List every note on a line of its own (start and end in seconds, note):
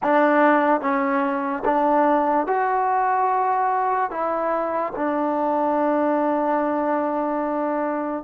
0.02 0.80 D4
0.80 1.63 C#4
1.64 2.47 D4
2.47 4.10 F#4
4.10 4.92 E4
4.95 8.23 D4